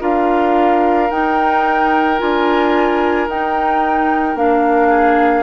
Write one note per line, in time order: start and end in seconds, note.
0.00 1.10 D4
0.00 1.09 F4
0.00 4.88 A#4
0.00 1.10 F5
1.10 2.18 D#4
1.10 2.20 D#4
1.10 2.19 G5
2.18 3.28 D4
2.18 3.27 F4
2.18 3.28 G#5
3.28 4.35 D#4
3.28 4.36 D#4
3.28 4.37 G5
4.35 5.43 A#3
4.35 5.43 D4
4.35 5.43 F5
4.88 5.43 G#4